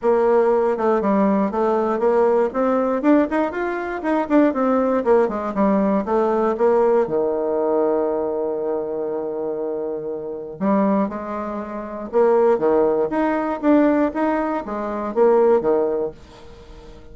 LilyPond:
\new Staff \with { instrumentName = "bassoon" } { \time 4/4 \tempo 4 = 119 ais4. a8 g4 a4 | ais4 c'4 d'8 dis'8 f'4 | dis'8 d'8 c'4 ais8 gis8 g4 | a4 ais4 dis2~ |
dis1~ | dis4 g4 gis2 | ais4 dis4 dis'4 d'4 | dis'4 gis4 ais4 dis4 | }